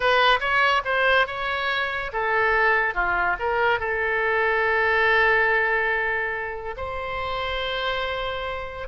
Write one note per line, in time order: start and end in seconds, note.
0.00 0.39 B4
0.40 0.82 C#5
0.85 1.27 C5
1.27 2.11 C#5
2.13 2.94 A4
2.94 3.36 F4
3.39 3.79 A#4
3.79 6.75 A4
6.76 8.87 C5